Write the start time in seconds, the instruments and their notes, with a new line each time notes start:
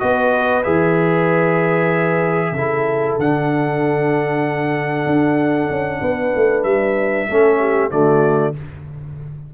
0.00 tuba B3, trombone F#4, horn B4, trumpet D#5
0.63 tuba E3, trombone G#4, trumpet E5
2.52 tuba C#3, trombone E4, horn A4
3.19 tuba D3, trombone D4, trumpet F#5
5.06 tuba D4
5.70 tuba C#4
6.02 tuba B3, horn B4
6.35 tuba A3
6.64 tuba G3, trumpet E5
7.28 tuba A3, trombone C#4, horn A4
7.59 horn G4
7.91 tuba D3, trombone A3, horn F#4, trumpet D5